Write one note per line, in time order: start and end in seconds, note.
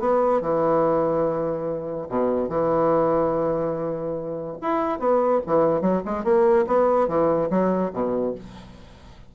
0.00 0.42 B3
0.42 2.09 E3
2.09 2.49 B2
2.49 4.58 E3
4.62 5.00 E4
5.00 5.41 B3
5.47 5.82 E3
5.82 6.03 F#3
6.06 6.25 G#3
6.25 6.66 A#3
6.67 7.09 B3
7.09 7.50 E3
7.51 7.92 F#3
7.94 8.35 B2